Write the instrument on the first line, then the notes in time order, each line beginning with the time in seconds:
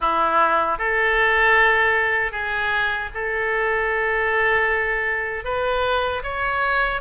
oboe
0.00 E4
0.78 A4
2.31 G#4
3.14 A4
5.44 B4
6.23 C#5